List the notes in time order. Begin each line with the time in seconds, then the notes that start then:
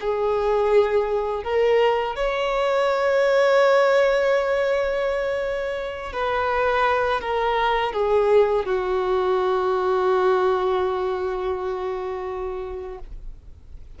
0.00 G#4
1.43 A#4
2.15 C#5
6.12 B4
7.20 A#4
7.93 G#4
8.65 F#4